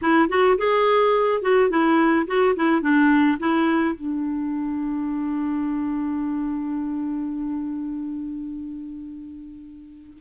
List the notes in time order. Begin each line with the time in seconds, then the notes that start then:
0.01 E4
0.29 F#4
0.58 G#4
1.42 F#4
1.70 E4
2.27 F#4
2.55 E4
2.81 D4
3.39 E4
3.95 D4